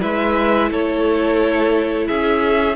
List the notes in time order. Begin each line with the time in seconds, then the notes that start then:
0.00 G#3 E4 B4 E5
0.71 A3 A4 C#5
2.08 C#4 G#4 E5